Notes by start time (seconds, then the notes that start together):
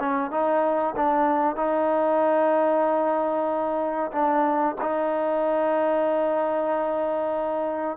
0.00 C#4
0.31 D#4
0.96 D4
1.56 D#4
4.12 D4
4.81 D#4